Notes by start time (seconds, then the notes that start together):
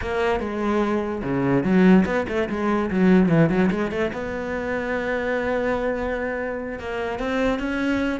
0.01 A#3
0.40 G#3
1.23 C#3
1.63 F#3
2.05 B3
2.28 A3
2.49 G#3
2.90 F#3
3.29 E3
3.49 F#3
3.70 G#3
3.91 A3
4.12 B3
6.79 A#3
7.19 C4
7.59 C#4